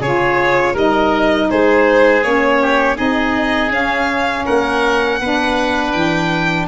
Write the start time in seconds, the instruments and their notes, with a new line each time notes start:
0.00 tuba C#3, saxophone F4, oboe G#4, violin C#5
0.73 tuba G3, saxophone D#4, oboe A#4, violin D#5
1.50 tuba G#3, oboe G#4, violin C5
2.23 tuba A#3, saxophone C#4, violin C#5
2.62 oboe G4
2.96 tuba C4, saxophone D#4, oboe G#4, violin D#5
3.70 tuba C#4, saxophone C#4, violin F5
4.46 tuba A#3, oboe A#4, violin F#5
5.20 tuba B3, saxophone D4, oboe B4
5.92 tuba E3, violin G5